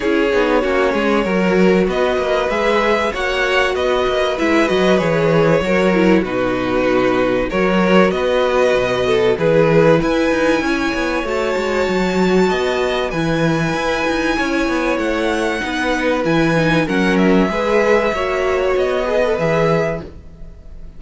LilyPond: <<
  \new Staff \with { instrumentName = "violin" } { \time 4/4 \tempo 4 = 96 cis''2. dis''4 | e''4 fis''4 dis''4 e''8 dis''8 | cis''2 b'2 | cis''4 dis''2 b'4 |
gis''2 a''2~ | a''4 gis''2. | fis''2 gis''4 fis''8 e''8~ | e''2 dis''4 e''4 | }
  \new Staff \with { instrumentName = "violin" } { \time 4/4 gis'4 fis'8 gis'8 ais'4 b'4~ | b'4 cis''4 b'2~ | b'4 ais'4 fis'2 | ais'4 b'4. a'8 gis'4 |
b'4 cis''2. | dis''4 b'2 cis''4~ | cis''4 b'2 ais'4 | b'4 cis''4. b'4. | }
  \new Staff \with { instrumentName = "viola" } { \time 4/4 e'8 dis'8 cis'4 fis'2 | gis'4 fis'2 e'8 fis'8 | gis'4 fis'8 e'8 dis'2 | fis'2. e'4~ |
e'2 fis'2~ | fis'4 e'2.~ | e'4 dis'4 e'8 dis'8 cis'4 | gis'4 fis'4. gis'16 a'16 gis'4 | }
  \new Staff \with { instrumentName = "cello" } { \time 4/4 cis'8 b8 ais8 gis8 fis4 b8 ais8 | gis4 ais4 b8 ais8 gis8 fis8 | e4 fis4 b,2 | fis4 b4 b,4 e4 |
e'8 dis'8 cis'8 b8 a8 gis8 fis4 | b4 e4 e'8 dis'8 cis'8 b8 | a4 b4 e4 fis4 | gis4 ais4 b4 e4 | }
>>